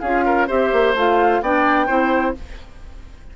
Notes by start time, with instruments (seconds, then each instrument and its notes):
0.00 bassoon C#4, clarinet F4, oboe G#4, flute F5
0.26 oboe A#4
0.48 bassoon C4, clarinet G4, oboe C5, flute E5
0.73 bassoon A#3
0.95 bassoon A3, clarinet F4, flute F5
1.42 bassoon B3, clarinet D4, oboe D5, flute G5
1.87 bassoon C4, clarinet E4, oboe C5